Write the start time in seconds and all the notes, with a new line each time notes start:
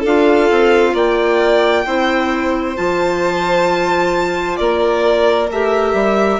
0.00 D4 F4 A4 F5
0.50 C4
0.94 A#3 D5 G5
1.85 C4 E4 C5
2.75 F3 F4 A5
4.56 A#3 A#4 D5
5.50 A3 G4 E5
5.93 G3